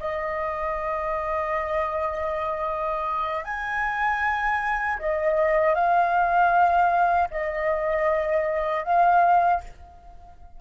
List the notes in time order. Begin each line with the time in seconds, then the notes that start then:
0.00 D#5
3.44 G#5
4.99 D#5
5.75 F5
7.31 D#5
8.84 F5